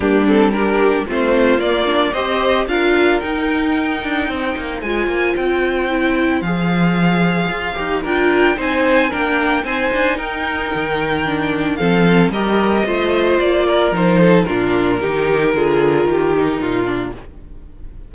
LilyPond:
<<
  \new Staff \with { instrumentName = "violin" } { \time 4/4 \tempo 4 = 112 g'8 a'8 ais'4 c''4 d''4 | dis''4 f''4 g''2~ | g''4 gis''4 g''2 | f''2. g''4 |
gis''4 g''4 gis''4 g''4~ | g''2 f''4 dis''4~ | dis''4 d''4 c''4 ais'4~ | ais'1 | }
  \new Staff \with { instrumentName = "violin" } { \time 4/4 d'4 g'4 f'2 | c''4 ais'2. | c''1~ | c''2. ais'4 |
c''4 ais'4 c''4 ais'4~ | ais'2 a'4 ais'4 | c''4. ais'4 a'8 f'4 | g'4 gis'4 g'4 f'4 | }
  \new Staff \with { instrumentName = "viola" } { \time 4/4 ais8 c'8 d'4 c'4 ais8 d'8 | g'4 f'4 dis'2~ | dis'4 f'2 e'4 | gis'2~ gis'8 g'8 f'4 |
dis'4 d'4 dis'2~ | dis'4 d'4 c'4 g'4 | f'2 dis'4 d'4 | dis'4 f'4. dis'4 d'8 | }
  \new Staff \with { instrumentName = "cello" } { \time 4/4 g2 a4 ais4 | c'4 d'4 dis'4. d'8 | c'8 ais8 gis8 ais8 c'2 | f2 f'8 dis'8 d'4 |
c'4 ais4 c'8 d'8 dis'4 | dis2 f4 g4 | a4 ais4 f4 ais,4 | dis4 d4 dis4 ais,4 | }
>>